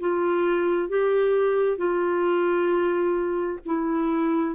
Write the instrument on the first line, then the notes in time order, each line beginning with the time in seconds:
clarinet
0.00 F4
0.89 G4
1.78 F4
3.65 E4